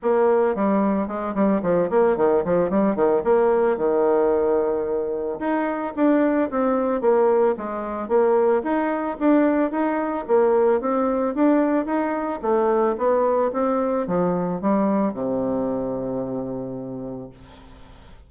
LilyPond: \new Staff \with { instrumentName = "bassoon" } { \time 4/4 \tempo 4 = 111 ais4 g4 gis8 g8 f8 ais8 | dis8 f8 g8 dis8 ais4 dis4~ | dis2 dis'4 d'4 | c'4 ais4 gis4 ais4 |
dis'4 d'4 dis'4 ais4 | c'4 d'4 dis'4 a4 | b4 c'4 f4 g4 | c1 | }